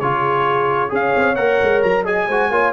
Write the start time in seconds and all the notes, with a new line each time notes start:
0.00 C#3 F4 G#4 C#5
0.89 C#4 G#4 C#5 F5
1.16 C4
1.36 A#3 A#4 F#5
1.62 G#3
1.82 F#3 A#5
2.04 G#4 D#5 G#5
2.28 G#3 F#4 C5
2.50 A#3 F4 C#5